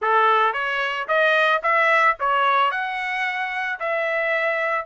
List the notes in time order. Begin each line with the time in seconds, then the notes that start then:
0.01 A4
0.53 C#5
1.07 D#5
1.62 E5
2.19 C#5
2.71 F#5
3.79 E5